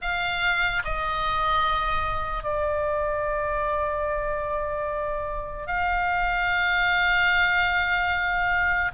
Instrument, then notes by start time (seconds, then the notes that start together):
oboe
0.01 F5
0.84 D#5
2.43 D5
5.66 F5